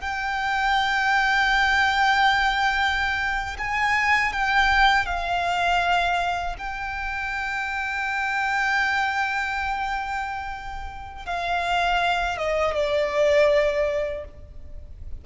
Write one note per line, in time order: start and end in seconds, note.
0.00 3.56 G5
3.58 4.32 G#5
4.32 5.06 G5
5.06 6.56 F5
6.58 11.25 G5
11.25 12.38 F5
12.38 12.74 D#5
12.74 14.24 D5